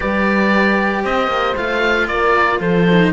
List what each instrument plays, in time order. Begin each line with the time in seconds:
0.00 cello G3 G4, horn B4, oboe D5
1.03 cello C4, horn C5, oboe D#5
1.27 cello A#3
1.56 cello A3 F4, oboe F5
2.07 cello A#3, horn A#4, oboe D5
2.59 cello F3, horn A4, oboe C5
2.90 cello D#4